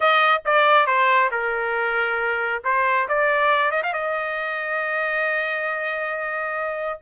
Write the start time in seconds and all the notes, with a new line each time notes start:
0.00 D#5
0.45 D5
0.86 C5
1.31 A#4
2.64 C5
3.08 D5
3.71 D#5
3.83 F5
3.93 D#5